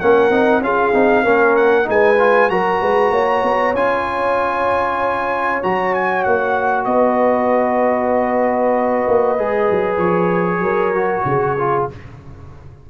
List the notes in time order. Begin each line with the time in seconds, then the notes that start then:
0.00 A#3 C#4 A#4 F#5
0.30 C4 D#4
0.61 C#4 F4 G#4 F5
0.94 C4 D#4
1.24 A#3 C#4 A#4
1.57 F#5
1.84 G#3 D#4
1.90 B4 G#5
2.19 F4
2.50 F#3 F#4 A#4 A#5
2.81 G#3 B4
3.11 A#3 C#5
3.43 B3
3.74 C#4 F4 G#5
5.63 F#3 F#4 A#5
5.94 G#5
6.24 A#3 F#5
6.85 B3 B4 D#5
9.08 A#3
9.39 G#3 G#4
9.71 F#3
9.98 F3 C#5
10.59 F#3 A#4
10.95 F#4
11.25 C#3 G#4
11.59 F4